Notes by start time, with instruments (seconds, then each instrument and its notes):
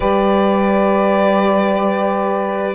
0.00 cello G3, horn G4, saxophone B4, violin D5